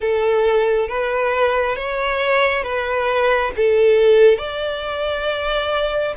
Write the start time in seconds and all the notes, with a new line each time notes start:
0.00 A4
0.88 B4
1.76 C#5
2.63 B4
3.56 A4
4.38 D5